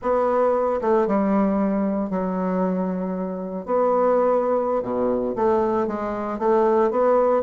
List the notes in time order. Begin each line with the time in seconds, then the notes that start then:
0.02 B3
0.81 A3
1.07 G3
2.10 F#3
3.65 B3
4.82 B2
5.35 A3
5.87 G#3
6.38 A3
6.90 B3